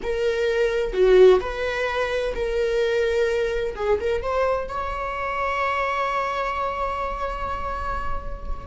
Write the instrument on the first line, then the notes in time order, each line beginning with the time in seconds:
viola
0.02 A#4
0.93 F#4
1.40 B4
2.34 A#4
3.75 G#4
4.00 A#4
4.21 C5
4.68 C#5